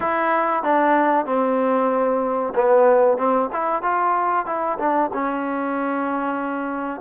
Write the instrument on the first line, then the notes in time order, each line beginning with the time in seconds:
trombone
0.00 E4
0.63 D4
1.25 C4
2.55 B3
3.17 C4
3.52 E4
3.82 F4
4.46 E4
4.78 D4
5.13 C#4